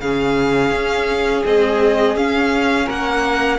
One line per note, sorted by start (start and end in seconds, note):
0.00 0.71 C#3
0.00 1.45 C#4
0.00 2.87 G#4
0.00 1.43 F5
0.72 1.43 C#4
1.45 2.16 G#3
1.45 2.16 C4
1.45 2.17 D#5
2.16 2.88 C#4
2.16 3.59 C#4
2.16 2.89 F5
2.87 3.59 A#3
2.87 3.58 A#4
2.87 3.59 F#5